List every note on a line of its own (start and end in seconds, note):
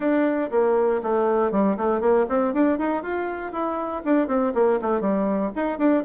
0.00 0.50 D4
0.50 1.01 A#3
1.02 1.51 A3
1.51 1.76 G3
1.77 2.00 A3
2.00 2.26 A#3
2.28 2.53 C4
2.53 2.78 D4
2.78 3.03 D#4
3.03 3.52 F4
3.52 4.02 E4
4.04 4.27 D4
4.27 4.52 C4
4.54 4.79 A#3
4.81 5.01 A3
5.01 5.51 G3
5.55 5.78 D#4
5.78 6.03 D4